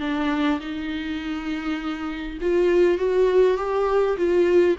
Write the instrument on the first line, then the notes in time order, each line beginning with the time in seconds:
viola
0.00 D4
0.60 D#4
2.41 F4
2.98 F#4
3.57 G4
4.17 F4